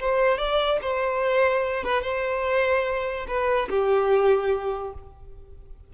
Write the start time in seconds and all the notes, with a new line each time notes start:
0.00 C5
0.38 D5
0.82 C5
1.84 B4
2.02 C5
3.27 B4
3.70 G4